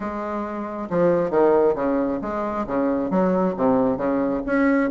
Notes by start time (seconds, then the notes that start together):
0.00 G#3
0.90 F3
1.30 D#3
1.75 C#3
2.21 G#3
2.66 C#3
3.10 F#3
3.57 C3
3.97 C#3
4.46 C#4